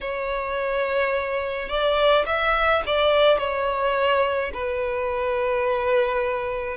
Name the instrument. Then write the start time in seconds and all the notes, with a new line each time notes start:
violin
0.00 C#5
1.68 D5
2.25 E5
2.86 D5
3.38 C#5
4.53 B4